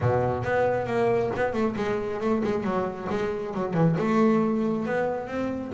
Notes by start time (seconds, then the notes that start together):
0.00 B2
0.43 B3
0.86 A#3
1.36 B3
1.53 A3
1.76 G#3
2.20 A3
2.43 G#3
2.63 F#3
3.09 G#3
3.54 F#3
3.73 E3
3.98 A3
4.85 B3
5.27 C4